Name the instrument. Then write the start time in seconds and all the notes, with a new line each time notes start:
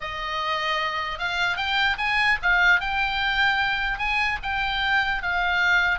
oboe
0.00 D#5
1.18 F5
1.57 G5
1.98 G#5
2.42 F5
2.80 G5
3.98 G#5
4.42 G5
5.22 F5